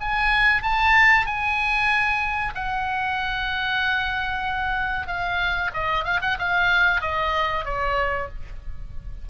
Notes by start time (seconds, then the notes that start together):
0.00 G#5
0.62 A5
1.26 G#5
2.54 F#5
5.07 F5
5.73 D#5
6.04 F5
6.21 F#5
6.39 F5
7.01 D#5
7.65 C#5